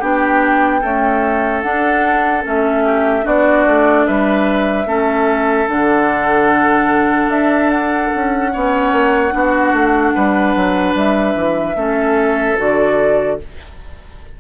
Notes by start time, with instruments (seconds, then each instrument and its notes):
0.00 bassoon B3, clarinet D4, oboe G4, flute G5
0.82 clarinet A3, bassoon C#4, oboe A4
1.62 bassoon D4, clarinet D4, flute F#5
2.44 bassoon A3, clarinet C#4, flute E5
2.85 oboe G4
3.23 bassoon B3, clarinet D4, oboe F#4, flute D5
3.67 bassoon A3
4.07 bassoon G3, oboe B4, flute E5
4.86 bassoon A3, clarinet C#4, oboe A4
5.68 bassoon D3, clarinet D4, flute F#5
7.29 bassoon D4, flute E5
7.71 flute F#5
8.15 bassoon C#4
8.53 bassoon B3, clarinet C#4, oboe C#5
8.93 bassoon A#3
9.31 bassoon B3, clarinet D4, oboe F#4
9.73 bassoon A3
10.15 bassoon G3, oboe B4
10.56 bassoon F#3
10.95 bassoon G3, flute E5
11.36 bassoon E3
11.76 bassoon A3, clarinet C#4, oboe A4
12.58 bassoon D3, clarinet F#4, flute D5